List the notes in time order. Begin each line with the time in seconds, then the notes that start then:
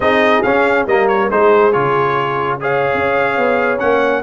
0.00 C4 D#4 G#4 D#5
0.42 C#4 F5
0.86 G3 A#3 A#4 D#5
1.08 C#5
1.29 G#3 D#4 G#4 C5
1.72 C#3 F4 C#5
2.60 G#4 C#5 F5
2.94 C#4
3.37 B3
3.79 A#3 C#4 F#5